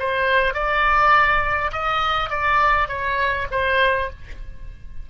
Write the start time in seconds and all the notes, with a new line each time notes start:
0.00 C5
0.54 D5
1.73 D#5
2.30 D5
2.88 C#5
3.51 C5